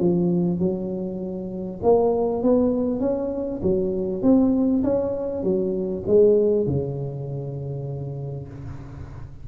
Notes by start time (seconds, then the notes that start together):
0.00 F3
0.60 F#3
1.83 A#3
2.43 B3
3.01 C#4
3.63 F#3
4.23 C4
4.84 C#4
5.44 F#3
6.07 G#3
6.67 C#3